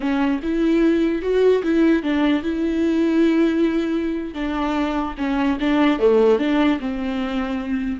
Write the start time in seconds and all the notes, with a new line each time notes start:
0.00 C#4
0.42 E4
1.22 F#4
1.63 E4
2.03 D4
2.43 E4
4.33 D4
5.17 C#4
5.59 D4
5.99 A3
6.38 D4
6.80 C4